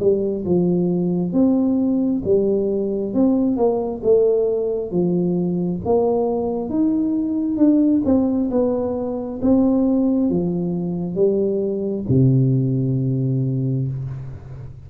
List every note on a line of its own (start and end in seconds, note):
0.00 0.45 G3
0.45 1.33 F3
1.33 2.23 C4
2.25 3.14 G3
3.14 3.57 C4
3.57 4.02 A#3
4.03 4.91 A3
4.91 5.81 F3
5.85 6.70 A#3
6.70 7.57 D#4
7.57 8.02 D4
8.05 8.50 C4
8.51 9.40 B3
9.42 10.30 C4
10.30 11.15 F3
11.15 12.05 G3
12.09 13.88 C3